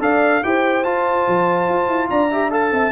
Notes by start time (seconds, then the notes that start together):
0.00 D4 A4 D5 F5
0.44 E4 G4 C5 G5
0.84 F4 A5
1.28 F3
1.69 F4
1.88 E4
2.10 D4 D5 A#5
2.31 G4 E5
2.51 A4 F5 A5
2.72 C4 E5